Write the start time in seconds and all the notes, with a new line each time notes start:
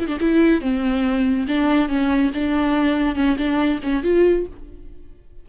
0.00 E4
0.08 D4
0.21 E4
0.62 C4
1.48 D4
1.89 C#4
2.35 D4
3.16 C#4
3.38 D4
3.84 C#4
4.04 F4